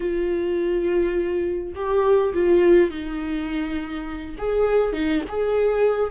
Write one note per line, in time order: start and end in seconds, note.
0.00 1.73 F4
1.75 2.33 G4
2.33 2.90 F4
2.90 4.36 D#4
4.38 4.92 G#4
4.92 5.21 D#4
5.28 6.10 G#4